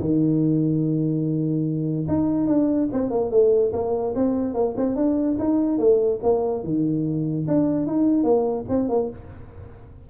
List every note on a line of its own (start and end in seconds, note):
0.00 2.07 D#3
2.08 2.48 D#4
2.48 2.89 D4
2.93 3.11 C4
3.11 3.31 A#3
3.31 3.72 A3
3.73 4.15 A#3
4.15 4.54 C4
4.54 4.75 A#3
4.77 4.96 C4
4.96 5.38 D4
5.39 5.79 D#4
5.79 6.20 A3
6.23 6.64 A#3
6.64 7.47 D#3
7.48 7.87 D4
7.87 8.24 D#4
8.24 8.65 A#3
8.69 8.89 C4
8.89 9.10 A#3